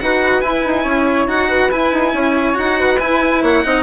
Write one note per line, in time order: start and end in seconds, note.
0.00 0.43 D#4
0.00 0.42 F#4
0.00 0.83 B4
0.00 0.41 F#5
0.41 1.28 E4
0.41 0.65 E4
0.41 1.26 G#5
0.66 0.85 D#4
0.83 1.27 C#4
0.83 1.48 C#5
1.27 1.70 D#4
1.27 1.71 F#4
1.27 1.71 F#5
1.49 2.13 B4
1.71 1.92 E4
1.71 2.54 E4
1.71 2.57 G#5
1.93 2.13 D#4
2.13 2.56 C#4
2.13 2.80 C#5
2.54 3.01 D#4
2.54 2.97 F#4
2.54 2.99 F#5
2.80 3.42 B4
2.99 3.64 E4
2.99 3.42 E4
2.99 3.42 G#5
3.42 3.64 A#3
3.42 3.64 C#5
3.42 3.83 F#5
3.64 3.83 C4
3.64 3.83 D#4
3.64 3.83 D#5